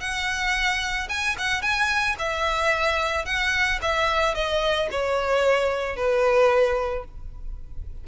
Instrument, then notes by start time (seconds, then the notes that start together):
violin
0.00 F#5
1.09 G#5
1.38 F#5
1.62 G#5
2.18 E5
3.25 F#5
3.82 E5
4.34 D#5
4.91 C#5
5.96 B4